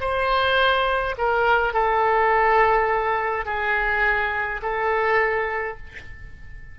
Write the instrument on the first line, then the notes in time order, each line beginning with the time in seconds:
oboe
0.00 C5
1.17 A#4
1.73 A4
3.45 G#4
4.62 A4